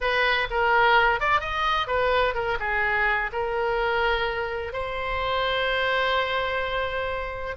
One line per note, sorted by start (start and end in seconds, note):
0.00 0.47 B4
0.50 1.19 A#4
1.19 1.40 D5
1.40 1.87 D#5
1.87 2.34 B4
2.34 2.57 A#4
2.59 3.30 G#4
3.32 4.72 A#4
4.72 7.56 C5